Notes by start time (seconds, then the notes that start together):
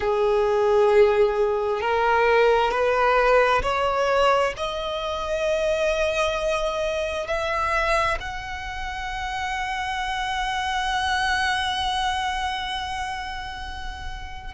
0.00 G#4
1.81 A#4
2.71 B4
3.62 C#5
4.56 D#5
7.27 E5
8.19 F#5